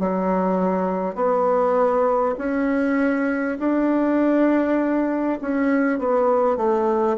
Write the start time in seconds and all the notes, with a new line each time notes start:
0.00 F#3
1.16 B3
2.38 C#4
3.59 D4
5.42 C#4
5.99 B3
6.57 A3